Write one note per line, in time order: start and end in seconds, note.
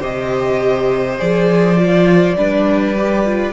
0.00 1.20 C3
0.00 1.18 G4
0.00 2.36 C5
0.00 1.20 D#5
1.19 2.37 F3
1.19 1.77 G#4
1.19 3.54 D5
1.77 2.36 F4
2.37 3.54 G3
2.37 2.97 D4
2.37 3.54 B4
2.98 3.25 G4
3.25 3.54 F4